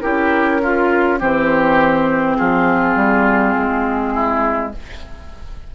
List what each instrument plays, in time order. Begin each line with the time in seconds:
0.00 bassoon C#4, clarinet E4, oboe G4, flute A#4
0.62 clarinet F4, oboe F4
1.19 bassoon E3, clarinet C4, oboe G4, flute C5
2.36 bassoon F3, oboe F4, flute G#4
2.95 bassoon G3
3.57 bassoon G#3
4.13 oboe E4